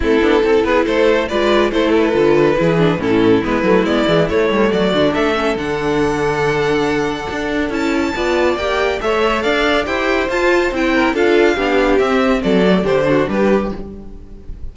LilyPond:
<<
  \new Staff \with { instrumentName = "violin" } { \time 4/4 \tempo 4 = 140 a'4. b'8 c''4 d''4 | c''8 b'2~ b'8 a'4 | b'4 d''4 cis''4 d''4 | e''4 fis''2.~ |
fis''2 a''2 | g''4 e''4 f''4 g''4 | a''4 g''4 f''2 | e''4 d''4 c''4 b'4 | }
  \new Staff \with { instrumentName = "violin" } { \time 4/4 e'4 a'8 gis'8 a'4 b'4 | a'2 gis'4 e'4~ | e'2. fis'4 | a'1~ |
a'2. d''4~ | d''4 cis''4 d''4 c''4~ | c''4. ais'8 a'4 g'4~ | g'4 a'4 g'8 fis'8 g'4 | }
  \new Staff \with { instrumentName = "viola" } { \time 4/4 c'8 d'8 e'2 f'4 | e'4 f'4 e'8 d'8 cis'4 | b8 a8 b8 gis8 a4. d'8~ | d'8 cis'8 d'2.~ |
d'2 e'4 f'4 | g'4 a'2 g'4 | f'4 e'4 f'4 d'4 | c'4. a8 d'2 | }
  \new Staff \with { instrumentName = "cello" } { \time 4/4 a8 b8 c'8 b8 a4 gis4 | a4 d4 e4 a,4 | gis8 fis8 gis8 e8 a8 g8 fis8 d8 | a4 d2.~ |
d4 d'4 cis'4 b4 | ais4 a4 d'4 e'4 | f'4 c'4 d'4 b4 | c'4 fis4 d4 g4 | }
>>